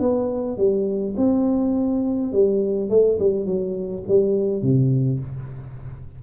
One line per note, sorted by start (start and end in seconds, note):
0.00 0.58 B3
0.58 1.15 G3
1.17 2.33 C4
2.33 2.90 G3
2.90 3.19 A3
3.20 3.46 G3
3.46 4.04 F#3
4.09 4.63 G3
4.63 5.20 C3